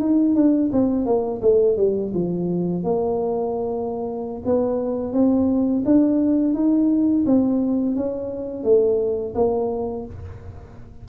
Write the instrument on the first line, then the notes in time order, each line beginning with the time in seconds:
tuba
0.00 D#4
0.35 D4
0.73 C4
1.06 A#3
1.42 A3
1.77 G3
2.14 F3
2.84 A#3
4.45 B3
5.13 C4
5.86 D4
6.55 D#4
7.26 C4
7.96 C#4
8.64 A3
9.35 A#3